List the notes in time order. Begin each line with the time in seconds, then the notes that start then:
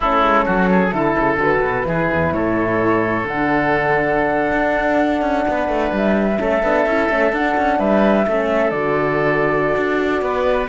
0.00 A3 C#4 E4 A4
0.23 G#3
0.45 F#3 F#4
0.71 G#4
0.91 D3 E4 A4
1.18 C#3
1.36 D3 F#4 B4
1.61 B2
1.84 E3 E4 G#4
2.13 E2
2.33 A2 A4 C#5
3.23 D3 D4 F#5
4.52 D4
5.21 C#4
5.47 B3 B4
5.68 A3
5.92 G3 E5
6.37 A3 C#4 A4
6.62 B3 D4
6.86 C#4 E4
7.09 A3 C#4
7.32 D4 F#5
7.57 C#4
7.78 G3 B4 E5
8.27 A3 C#4 A4
8.70 D3 F#4 D5
9.76 D4
10.21 B3 B4